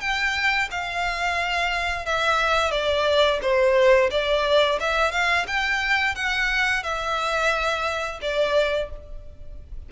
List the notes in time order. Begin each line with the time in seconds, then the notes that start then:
0.00 G5
0.70 F5
2.05 E5
2.71 D5
3.42 C5
4.11 D5
4.80 E5
5.11 F5
5.47 G5
6.15 F#5
6.83 E5
8.21 D5